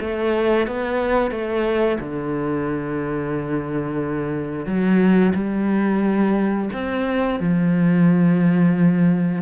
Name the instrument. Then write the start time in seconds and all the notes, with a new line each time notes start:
cello
0.00 A3
0.66 B3
1.31 A3
1.99 D3
4.65 F#3
5.34 G3
6.73 C4
7.40 F3